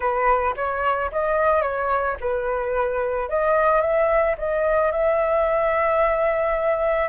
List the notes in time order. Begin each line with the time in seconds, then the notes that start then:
0.00 B4
0.56 C#5
1.11 D#5
1.62 C#5
2.20 B4
3.29 D#5
3.81 E5
4.38 D#5
4.91 E5